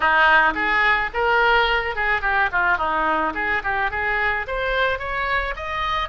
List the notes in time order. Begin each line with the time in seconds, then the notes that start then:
0.00 D#4
0.54 G#4
1.13 A#4
1.95 G#4
2.21 G4
2.52 F4
2.77 D#4
3.34 G#4
3.63 G4
3.90 G#4
4.47 C5
4.98 C#5
5.56 D#5